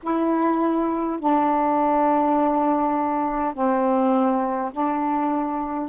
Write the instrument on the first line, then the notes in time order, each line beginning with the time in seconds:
saxophone
0.02 E4
1.19 D4
3.53 C4
4.72 D4